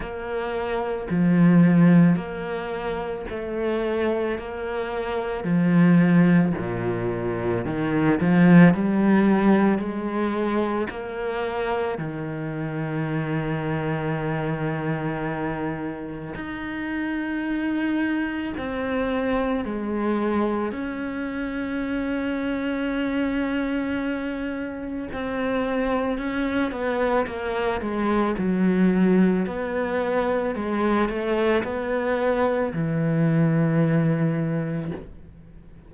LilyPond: \new Staff \with { instrumentName = "cello" } { \time 4/4 \tempo 4 = 55 ais4 f4 ais4 a4 | ais4 f4 ais,4 dis8 f8 | g4 gis4 ais4 dis4~ | dis2. dis'4~ |
dis'4 c'4 gis4 cis'4~ | cis'2. c'4 | cis'8 b8 ais8 gis8 fis4 b4 | gis8 a8 b4 e2 | }